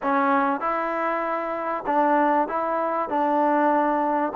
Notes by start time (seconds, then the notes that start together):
0.02 C#4
0.60 E4
1.86 D4
2.47 E4
3.09 D4